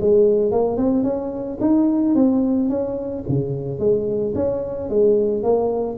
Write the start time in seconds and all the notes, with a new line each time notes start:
0.00 G#3
0.51 A#3
0.77 C4
1.03 C#4
1.60 D#4
2.15 C4
2.69 C#4
3.28 C#3
3.79 G#3
4.35 C#4
4.89 G#3
5.43 A#3